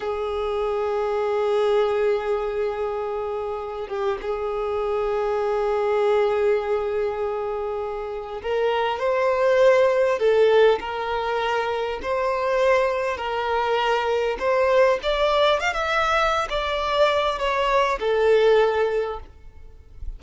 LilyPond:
\new Staff \with { instrumentName = "violin" } { \time 4/4 \tempo 4 = 100 gis'1~ | gis'2~ gis'8 g'8 gis'4~ | gis'1~ | gis'2 ais'4 c''4~ |
c''4 a'4 ais'2 | c''2 ais'2 | c''4 d''4 f''16 e''4~ e''16 d''8~ | d''4 cis''4 a'2 | }